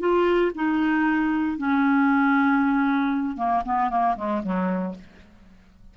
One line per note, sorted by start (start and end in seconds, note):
0.00 0.52 F4
0.55 1.58 D#4
1.58 3.37 C#4
3.37 3.63 A#3
3.65 3.90 B3
3.90 4.16 A#3
4.17 4.43 G#3
4.43 4.95 F#3